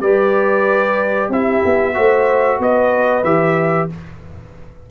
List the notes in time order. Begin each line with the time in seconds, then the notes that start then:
0.00 G3 G4 B4 D5
1.29 C4 E4 G4 E5
1.65 B3
1.94 A3 F#4 C5
2.59 B3 B4 D#5
3.24 E3 G4 E5